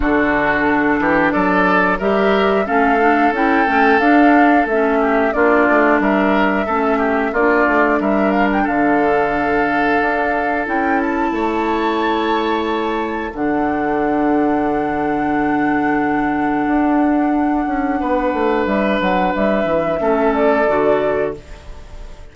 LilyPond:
<<
  \new Staff \with { instrumentName = "flute" } { \time 4/4 \tempo 4 = 90 a'2 d''4 e''4 | f''4 g''4 f''4 e''4 | d''4 e''2 d''4 | e''8 f''16 g''16 f''2. |
g''8 a''2.~ a''8 | fis''1~ | fis''1 | e''8 fis''8 e''4. d''4. | }
  \new Staff \with { instrumentName = "oboe" } { \time 4/4 fis'4. g'8 a'4 ais'4 | a'2.~ a'8 g'8 | f'4 ais'4 a'8 g'8 f'4 | ais'4 a'2.~ |
a'4 cis''2. | a'1~ | a'2. b'4~ | b'2 a'2 | }
  \new Staff \with { instrumentName = "clarinet" } { \time 4/4 d'2. g'4 | cis'8 d'8 e'8 cis'8 d'4 cis'4 | d'2 cis'4 d'4~ | d'1 |
e'1 | d'1~ | d'1~ | d'2 cis'4 fis'4 | }
  \new Staff \with { instrumentName = "bassoon" } { \time 4/4 d4. e8 fis4 g4 | a4 cis'8 a8 d'4 a4 | ais8 a8 g4 a4 ais8 a8 | g4 d2 d'4 |
cis'4 a2. | d1~ | d4 d'4. cis'8 b8 a8 | g8 fis8 g8 e8 a4 d4 | }
>>